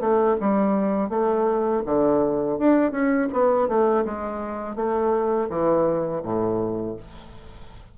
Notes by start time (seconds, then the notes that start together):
0.00 A3
0.40 G3
1.09 A3
1.85 D3
2.58 D4
2.91 C#4
3.33 B3
3.68 A3
4.05 G#3
4.76 A3
5.49 E3
6.23 A2